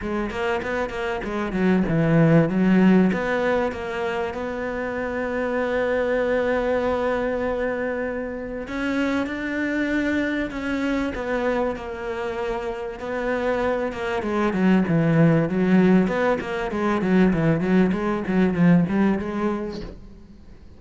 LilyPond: \new Staff \with { instrumentName = "cello" } { \time 4/4 \tempo 4 = 97 gis8 ais8 b8 ais8 gis8 fis8 e4 | fis4 b4 ais4 b4~ | b1~ | b2 cis'4 d'4~ |
d'4 cis'4 b4 ais4~ | ais4 b4. ais8 gis8 fis8 | e4 fis4 b8 ais8 gis8 fis8 | e8 fis8 gis8 fis8 f8 g8 gis4 | }